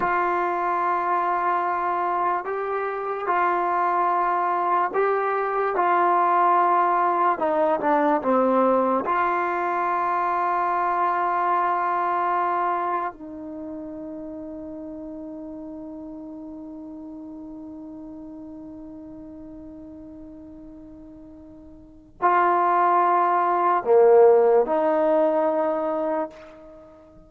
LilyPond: \new Staff \with { instrumentName = "trombone" } { \time 4/4 \tempo 4 = 73 f'2. g'4 | f'2 g'4 f'4~ | f'4 dis'8 d'8 c'4 f'4~ | f'1 |
dis'1~ | dis'1~ | dis'2. f'4~ | f'4 ais4 dis'2 | }